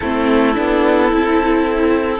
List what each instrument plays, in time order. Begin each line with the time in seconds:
0.00 cello A3, viola C4, violin E4 A4
0.54 cello B3, viola D4
1.12 cello C4, viola E4